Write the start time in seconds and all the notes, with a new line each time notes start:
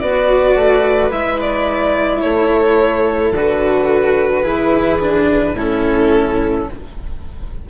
0.00 B3 F#4 B4 D5
0.55 A3
1.10 G#3 E4 E5
1.41 D5
2.21 A3 A4 C#5
3.32 D3 F#4 B4
4.43 E3 E4 G#4
5.00 D4
5.53 A2 C#4 E4 A4